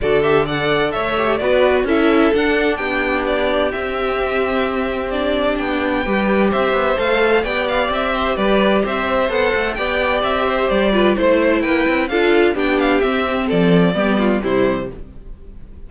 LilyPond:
<<
  \new Staff \with { instrumentName = "violin" } { \time 4/4 \tempo 4 = 129 d''8 e''8 fis''4 e''4 d''4 | e''4 fis''4 g''4 d''4 | e''2. d''4 | g''2 e''4 f''4 |
g''8 f''8 e''4 d''4 e''4 | fis''4 g''4 e''4 d''4 | c''4 g''4 f''4 g''8 f''8 | e''4 d''2 c''4 | }
  \new Staff \with { instrumentName = "violin" } { \time 4/4 a'4 d''4 cis''4 b'4 | a'2 g'2~ | g'1~ | g'4 b'4 c''2 |
d''4. c''8 b'4 c''4~ | c''4 d''4. c''4 b'8 | c''4 b'4 a'4 g'4~ | g'4 a'4 g'8 f'8 e'4 | }
  \new Staff \with { instrumentName = "viola" } { \time 4/4 fis'8 g'8 a'4. g'8 fis'4 | e'4 d'2. | c'2. d'4~ | d'4 g'2 a'4 |
g'1 | a'4 g'2~ g'8 f'8 | e'2 f'4 d'4 | c'2 b4 g4 | }
  \new Staff \with { instrumentName = "cello" } { \time 4/4 d2 a4 b4 | cis'4 d'4 b2 | c'1 | b4 g4 c'8 b8 a4 |
b4 c'4 g4 c'4 | b8 a8 b4 c'4 g4 | a4 ais8 c'8 d'4 b4 | c'4 f4 g4 c4 | }
>>